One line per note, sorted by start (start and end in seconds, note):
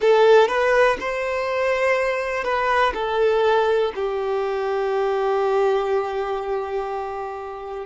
0.00 0.47 A4
0.47 0.97 B4
1.00 2.44 C5
2.44 2.92 B4
2.93 3.92 A4
3.95 7.86 G4